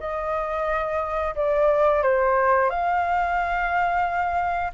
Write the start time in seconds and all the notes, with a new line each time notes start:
0.00 D#5
1.35 D5
2.03 C5
2.70 F5